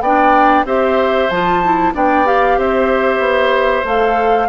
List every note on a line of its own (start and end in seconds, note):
0.00 0.64 B3
0.00 0.66 D4
0.00 0.66 D5
0.00 0.65 G5
0.64 1.28 C4
0.64 1.30 G4
0.64 1.93 C5
0.64 1.30 E5
1.30 1.94 F3
1.30 1.64 F4
1.30 1.93 A5
1.64 1.93 E4
1.93 2.57 B3
1.93 2.25 D4
1.93 2.58 D5
1.93 2.26 G5
2.25 3.84 G4
2.25 2.58 F5
2.57 3.18 C4
2.57 4.49 C5
2.57 3.86 E5
3.18 3.82 B3
3.84 4.49 A3
3.84 4.48 A4
3.84 4.49 F5